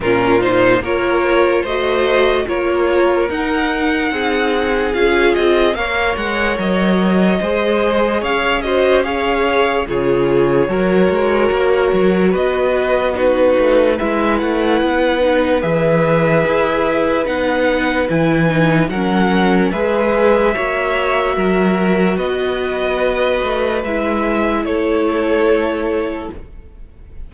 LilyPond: <<
  \new Staff \with { instrumentName = "violin" } { \time 4/4 \tempo 4 = 73 ais'8 c''8 cis''4 dis''4 cis''4 | fis''2 f''8 dis''8 f''8 fis''8 | dis''2 f''8 dis''8 f''4 | cis''2. dis''4 |
b'4 e''8 fis''4. e''4~ | e''4 fis''4 gis''4 fis''4 | e''2. dis''4~ | dis''4 e''4 cis''2 | }
  \new Staff \with { instrumentName = "violin" } { \time 4/4 f'4 ais'4 c''4 ais'4~ | ais'4 gis'2 cis''4~ | cis''4 c''4 cis''8 c''8 cis''4 | gis'4 ais'2 b'4 |
fis'4 b'2.~ | b'2. ais'4 | b'4 cis''4 ais'4 b'4~ | b'2 a'2 | }
  \new Staff \with { instrumentName = "viola" } { \time 4/4 cis'8 dis'8 f'4 fis'4 f'4 | dis'2 f'4 ais'4~ | ais'4 gis'4. fis'8 gis'4 | f'4 fis'2. |
dis'4 e'4. dis'8 gis'4~ | gis'4 dis'4 e'8 dis'8 cis'4 | gis'4 fis'2.~ | fis'4 e'2. | }
  \new Staff \with { instrumentName = "cello" } { \time 4/4 ais,4 ais4 a4 ais4 | dis'4 c'4 cis'8 c'8 ais8 gis8 | fis4 gis4 cis'2 | cis4 fis8 gis8 ais8 fis8 b4~ |
b8 a8 gis8 a8 b4 e4 | e'4 b4 e4 fis4 | gis4 ais4 fis4 b4~ | b8 a8 gis4 a2 | }
>>